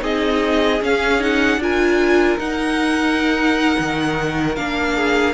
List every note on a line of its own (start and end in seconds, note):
0.00 0.81 C4
0.00 0.79 D#4
0.00 1.61 G#4
0.00 0.83 D#5
0.82 1.58 C#4
0.82 1.20 C#4
0.82 1.23 F5
1.20 1.59 D#4
1.20 1.62 F#5
1.58 2.37 D4
1.58 2.39 F4
1.58 4.95 A#4
1.58 2.39 G#5
2.39 3.77 D#4
2.39 4.56 D#4
2.39 4.56 F#5
3.79 4.57 D#3
4.56 5.34 A#3
4.56 5.34 D4
4.56 5.34 F5
4.95 5.34 G#4